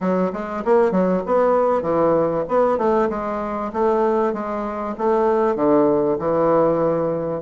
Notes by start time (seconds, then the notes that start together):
0.00 F#3
0.32 G#3
0.64 A#3
0.91 F#3
1.26 B3
1.82 E3
2.48 B3
2.78 A3
3.09 G#3
3.73 A3
4.33 G#3
4.98 A3
5.55 D3
6.19 E3